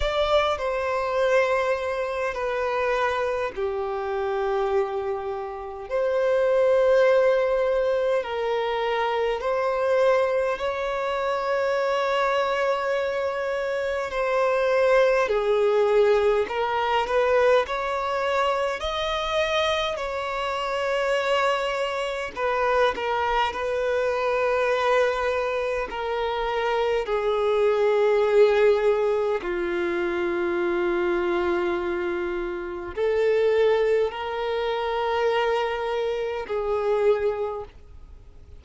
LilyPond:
\new Staff \with { instrumentName = "violin" } { \time 4/4 \tempo 4 = 51 d''8 c''4. b'4 g'4~ | g'4 c''2 ais'4 | c''4 cis''2. | c''4 gis'4 ais'8 b'8 cis''4 |
dis''4 cis''2 b'8 ais'8 | b'2 ais'4 gis'4~ | gis'4 f'2. | a'4 ais'2 gis'4 | }